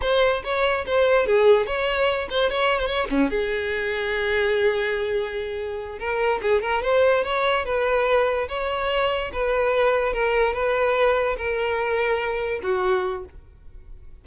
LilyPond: \new Staff \with { instrumentName = "violin" } { \time 4/4 \tempo 4 = 145 c''4 cis''4 c''4 gis'4 | cis''4. c''8 cis''8. c''16 cis''8 cis'8 | gis'1~ | gis'2~ gis'8 ais'4 gis'8 |
ais'8 c''4 cis''4 b'4.~ | b'8 cis''2 b'4.~ | b'8 ais'4 b'2 ais'8~ | ais'2~ ais'8 fis'4. | }